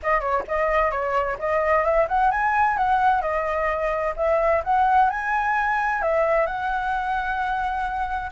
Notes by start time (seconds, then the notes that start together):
0.02 D#5
0.20 C#5
0.47 D#5
0.91 C#5
1.38 D#5
1.84 E5
2.08 F#5
2.31 G#5
2.77 F#5
3.21 D#5
4.16 E5
4.64 F#5
5.09 G#5
6.02 E5
6.46 F#5